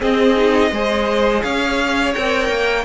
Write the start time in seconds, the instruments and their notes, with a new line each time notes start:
0.00 viola C4, cello C4, violin G#4 D#5
0.37 viola D#4
0.71 cello G#3, viola G#4, violin C5
1.43 cello C#4, violin C#5 F5
2.15 cello C4, viola A#4, violin G5
2.49 cello A#3